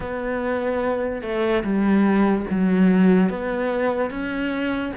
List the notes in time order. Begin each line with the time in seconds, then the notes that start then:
0.00 B3
1.22 A3
1.63 G3
2.50 F#3
3.29 B3
4.10 C#4